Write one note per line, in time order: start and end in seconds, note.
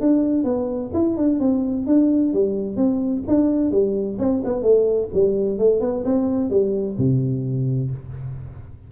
0.00 0.44 D4
0.44 0.90 B3
0.93 1.16 E4
1.17 1.39 D4
1.39 1.86 C4
1.86 2.33 D4
2.33 2.76 G3
2.76 3.22 C4
3.27 3.71 D4
3.71 4.18 G3
4.18 4.42 C4
4.44 4.62 B3
4.62 5.08 A3
5.13 5.58 G3
5.58 5.80 A3
5.80 6.04 B3
6.05 6.50 C4
6.50 6.96 G3
6.98 7.91 C3